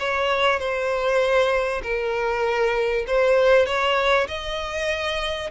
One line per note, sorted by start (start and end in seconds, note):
0.00 0.60 C#5
0.60 1.82 C5
1.83 3.06 A#4
3.07 3.66 C5
3.66 4.27 C#5
4.28 5.50 D#5